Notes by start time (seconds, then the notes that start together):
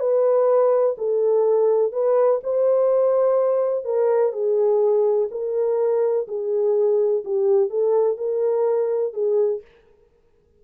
0.00 B4
0.98 A4
1.93 B4
2.44 C5
3.85 A#4
4.33 G#4
5.31 A#4
6.28 G#4
7.25 G4
7.70 A4
8.18 A#4
9.14 G#4